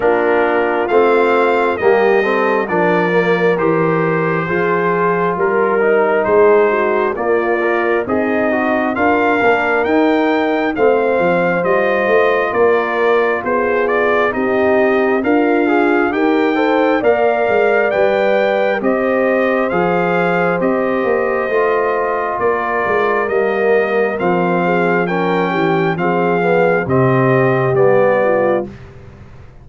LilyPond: <<
  \new Staff \with { instrumentName = "trumpet" } { \time 4/4 \tempo 4 = 67 ais'4 f''4 dis''4 d''4 | c''2 ais'4 c''4 | d''4 dis''4 f''4 g''4 | f''4 dis''4 d''4 c''8 d''8 |
dis''4 f''4 g''4 f''4 | g''4 dis''4 f''4 dis''4~ | dis''4 d''4 dis''4 f''4 | g''4 f''4 dis''4 d''4 | }
  \new Staff \with { instrumentName = "horn" } { \time 4/4 f'2 g'8 a'8 ais'4~ | ais'4 gis'4 ais'4 gis'8 fis'8 | f'4 dis'4 ais'2 | c''2 ais'4 gis'4 |
g'4 f'4 ais'8 c''8 d''4~ | d''4 c''2.~ | c''4 ais'2~ ais'8 gis'8 | ais'8 g'8 gis'4 g'4. f'8 | }
  \new Staff \with { instrumentName = "trombone" } { \time 4/4 d'4 c'4 ais8 c'8 d'8 ais8 | g'4 f'4. dis'4. | ais8 ais'8 gis'8 fis'8 f'8 d'8 dis'4 | c'4 f'2. |
dis'4 ais'8 gis'8 g'8 a'8 ais'4 | b'4 g'4 gis'4 g'4 | f'2 ais4 c'4 | cis'4 c'8 b8 c'4 b4 | }
  \new Staff \with { instrumentName = "tuba" } { \time 4/4 ais4 a4 g4 f4 | e4 f4 g4 gis4 | ais4 c'4 d'8 ais8 dis'4 | a8 f8 g8 a8 ais4 b4 |
c'4 d'4 dis'4 ais8 gis8 | g4 c'4 f4 c'8 ais8 | a4 ais8 gis8 g4 f4~ | f8 e8 f4 c4 g4 | }
>>